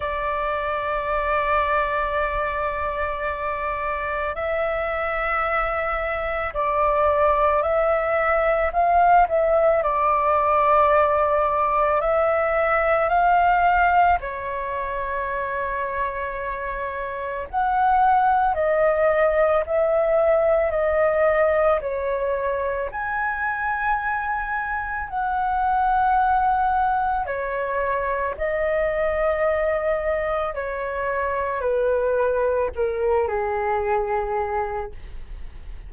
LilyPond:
\new Staff \with { instrumentName = "flute" } { \time 4/4 \tempo 4 = 55 d''1 | e''2 d''4 e''4 | f''8 e''8 d''2 e''4 | f''4 cis''2. |
fis''4 dis''4 e''4 dis''4 | cis''4 gis''2 fis''4~ | fis''4 cis''4 dis''2 | cis''4 b'4 ais'8 gis'4. | }